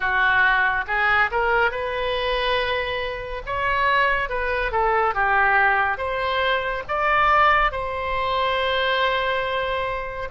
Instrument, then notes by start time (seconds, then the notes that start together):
oboe
0.00 F#4
0.87 G#4
1.31 A#4
1.71 B4
3.46 C#5
4.29 B4
4.71 A4
5.14 G4
5.97 C5
6.88 D5
7.71 C5